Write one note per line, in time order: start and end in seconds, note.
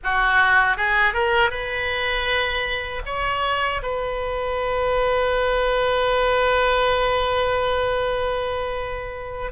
0.03 0.76 F#4
0.76 1.13 G#4
1.13 1.50 A#4
1.50 3.02 B4
3.05 3.81 C#5
3.82 9.51 B4